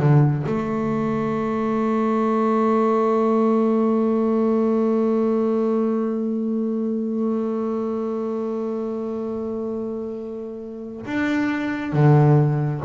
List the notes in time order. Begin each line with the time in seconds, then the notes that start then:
0.00 D3
0.47 A3
11.06 D4
11.93 D3